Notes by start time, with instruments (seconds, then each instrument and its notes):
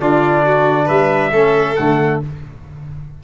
0.00 tuba D3, trombone D4, violin F4, trumpet D5
0.46 violin F#4
0.86 tuba G3, violin B4, trumpet E5
1.33 tuba A3, trombone C#4, violin A4
1.76 tuba D3, trombone A3, trumpet F#5